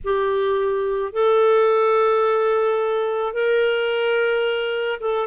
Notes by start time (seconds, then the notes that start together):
0.04 G4
1.13 A4
3.33 A#4
5.00 A4